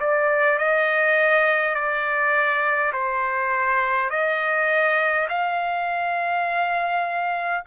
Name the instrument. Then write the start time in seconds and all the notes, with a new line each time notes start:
trumpet
0.00 D5
0.58 D#5
1.75 D5
2.93 C5
4.10 D#5
5.29 F5